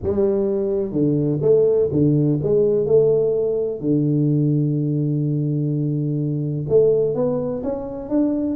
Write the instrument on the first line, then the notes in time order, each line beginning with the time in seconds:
tuba
0.03 G3
0.92 D3
1.41 A3
1.92 D3
2.42 G#3
2.85 A3
3.80 D3
6.68 A3
7.14 B3
7.63 C#4
8.09 D4